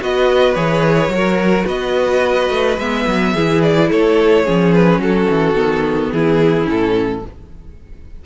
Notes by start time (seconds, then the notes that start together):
0.00 B3 F#4 B4 D#5
0.54 E3 G#4 C#5
1.08 F#3 F#4 A#4
1.66 B3 B4 D#5
2.49 A3
2.78 G#3 B3 E5
3.07 F#3
3.33 E3 E4 G#4
3.62 D5
3.89 A3 A4 C#5
4.44 F3 C#4 G#4
4.73 B4
4.98 F#3 F#4 A4
5.29 E3
5.53 D#3 B3
6.12 E3 E4 G#4
6.64 A2 C#4 A4